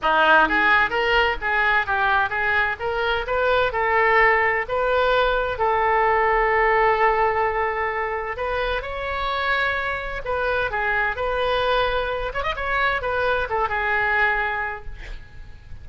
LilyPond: \new Staff \with { instrumentName = "oboe" } { \time 4/4 \tempo 4 = 129 dis'4 gis'4 ais'4 gis'4 | g'4 gis'4 ais'4 b'4 | a'2 b'2 | a'1~ |
a'2 b'4 cis''4~ | cis''2 b'4 gis'4 | b'2~ b'8 cis''16 dis''16 cis''4 | b'4 a'8 gis'2~ gis'8 | }